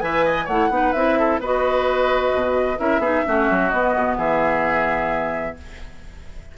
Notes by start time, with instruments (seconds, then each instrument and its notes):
0.00 bassoon E3, clarinet B4, oboe E5, flute G#5
0.25 oboe D#5
0.44 bassoon A3, oboe C#5, flute F#5
0.50 clarinet E4
0.69 bassoon B3, clarinet D#4
0.75 oboe B4
0.92 bassoon C4, clarinet E4, flute E5
1.18 oboe A4
1.39 bassoon B3, clarinet F#4, oboe B4, flute D#5
2.33 bassoon B2
2.78 bassoon C#4, clarinet E4, oboe A#4, flute E5
2.98 bassoon B3, clarinet D#4, oboe G#4
3.25 bassoon A3, clarinet C#4, oboe F#4
3.50 bassoon F#3
3.69 bassoon B3, clarinet B3, flute D#5
3.96 bassoon B2
4.17 bassoon E3, oboe G#4, flute E5